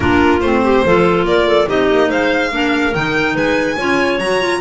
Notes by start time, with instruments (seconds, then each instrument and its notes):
0.00 double bass A#3, clarinet D4 F4, violin A#4
0.40 double bass A3, clarinet C4, violin C5
0.63 clarinet G4
0.85 double bass F3, clarinet F4 A4
1.23 double bass A#3, clarinet A#4, violin D5
1.47 clarinet A4
1.66 double bass C4, clarinet D#4 G4, violin D#5
1.90 double bass A#3
2.08 double bass G#3, clarinet C5, violin F5
2.51 double bass A#3, clarinet D4 A#4
2.94 double bass D#3, clarinet D#4, violin G5
3.34 double bass G#3, clarinet B4, violin G#5
3.77 double bass C#4, clarinet F4 C#5
4.17 double bass F#3, clarinet F#4, violin A#5
4.40 clarinet F4